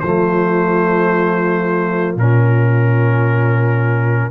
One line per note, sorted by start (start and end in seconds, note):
0.00 2.16 F3
0.00 2.18 A3
0.00 4.31 F4
0.00 2.14 C5
2.16 4.30 A#2
2.16 4.31 C#4
2.16 4.31 A#4